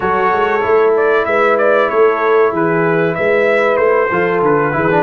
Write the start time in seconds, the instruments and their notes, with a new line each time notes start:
0.00 tuba F#3, trombone F#4, horn A4, trumpet C#5
0.32 tuba G#3
0.61 tuba A3, trombone E4
0.97 trumpet D5
1.25 tuba G#3, horn B4, trumpet E5
1.58 trumpet D5
1.89 tuba A3, horn A4, trumpet C#5
2.51 tuba E3, horn G#4, trumpet B4
3.14 tuba G#3, horn B4, trumpet E5
3.77 tuba A3, trumpet C5
4.10 tuba F3, trombone F4, horn A4
4.42 tuba D3, trumpet B4
4.72 tuba E3, trombone E4, horn G#4
4.90 trombone D4